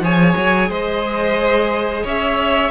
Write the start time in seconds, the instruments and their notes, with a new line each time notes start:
0.00 cello F3, viola G#4, violin C#5 G#5
0.36 cello F#3
0.69 cello G#3, violin C5 D#5
2.03 cello C#4, violin C#5 E5